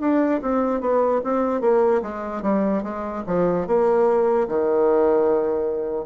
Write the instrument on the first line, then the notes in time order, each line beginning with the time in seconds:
bassoon
0.00 D4
0.42 C4
0.80 B3
1.23 C4
1.61 A#3
2.02 G#3
2.42 G3
2.83 G#3
3.26 F3
3.67 A#3
4.48 D#3